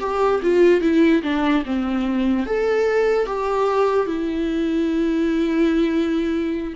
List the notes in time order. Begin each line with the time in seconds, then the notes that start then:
0.00 G4
0.43 F4
0.81 E4
1.23 D4
1.66 C4
2.47 A4
3.26 G4
4.06 E4